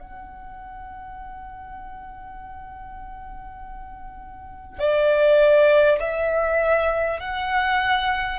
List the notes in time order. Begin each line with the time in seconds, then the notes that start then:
0.00 F#5
4.79 D5
5.99 E5
7.20 F#5